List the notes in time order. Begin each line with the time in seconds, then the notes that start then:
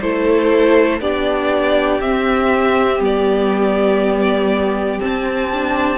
0.00 A3 E4 A4 C5
1.00 B3 D4 G4 D5
2.00 C4 E5
3.00 G3 B3 D5
4.99 C4 A5
5.53 D4